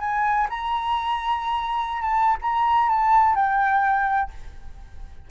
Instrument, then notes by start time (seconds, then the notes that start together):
flute
0.00 G#5
0.49 A#5
2.01 A5
2.41 A#5
2.89 A5
3.35 G5